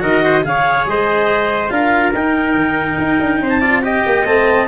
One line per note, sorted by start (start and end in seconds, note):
0.00 0.44 D#3
0.00 0.42 F#4
0.00 0.23 A#4
0.00 0.45 D#5
0.24 0.46 C5
0.43 0.86 C#3
0.43 1.70 G#4
0.43 0.90 C#5
0.43 0.87 F5
0.86 1.70 G#3
0.86 1.73 C5
0.86 1.71 D#5
1.70 2.13 D4
1.70 2.12 F4
1.70 3.42 A#4
1.70 2.13 F5
2.14 2.55 D#4
2.14 3.61 D#4
2.14 3.49 G5
2.55 2.97 D#3
2.98 3.20 D#4
3.20 3.41 D4
3.41 4.04 C4
3.41 3.61 C5
3.49 3.81 A5
3.61 3.82 F4
3.61 3.82 D5
3.82 4.25 G4
3.82 4.68 D#5
3.82 4.26 G5
4.06 4.25 A#3
4.25 4.67 A3
4.25 4.68 C4
4.25 4.68 A5